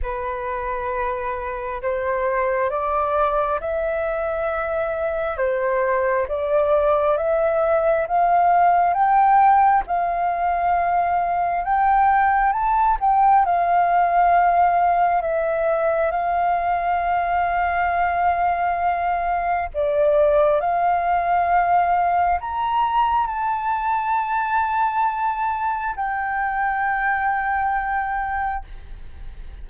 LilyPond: \new Staff \with { instrumentName = "flute" } { \time 4/4 \tempo 4 = 67 b'2 c''4 d''4 | e''2 c''4 d''4 | e''4 f''4 g''4 f''4~ | f''4 g''4 a''8 g''8 f''4~ |
f''4 e''4 f''2~ | f''2 d''4 f''4~ | f''4 ais''4 a''2~ | a''4 g''2. | }